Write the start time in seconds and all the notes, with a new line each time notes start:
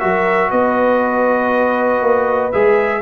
0.00 F#3 F#4 A#4 E5
0.51 B3 B4 D#5
2.01 A#3
2.52 G#3 G#4 E5